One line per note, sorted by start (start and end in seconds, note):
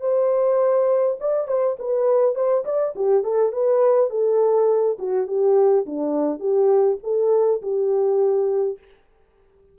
0.00 1.17 C5
1.20 1.47 D5
1.47 1.77 C5
1.79 2.35 B4
2.35 2.64 C5
2.65 2.94 D5
2.95 3.23 G4
3.23 3.52 A4
3.52 4.10 B4
4.10 4.97 A4
4.99 5.27 F#4
5.27 5.85 G4
5.86 6.39 D4
6.39 6.98 G4
7.03 7.61 A4
7.62 8.78 G4